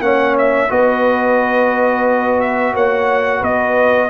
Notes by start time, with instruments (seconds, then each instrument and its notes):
0.00 tuba A#3, trombone C#4, horn C#5, trumpet F#5
0.38 trumpet E5
0.69 tuba B3, trombone F#4, horn B4, trumpet D#5
2.40 trumpet E5
2.74 tuba A#3, horn C#5, trumpet F#5
3.39 tuba B3, horn B4, trumpet D#5